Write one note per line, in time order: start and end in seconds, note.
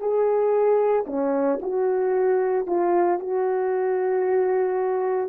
0.00 1.05 G#4
1.07 1.59 C#4
1.62 2.67 F#4
2.67 3.19 F4
3.20 5.29 F#4